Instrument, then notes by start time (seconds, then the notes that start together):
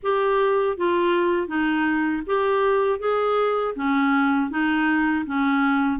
clarinet
0.02 G4
0.77 F4
1.47 D#4
2.26 G4
2.99 G#4
3.75 C#4
4.50 D#4
5.26 C#4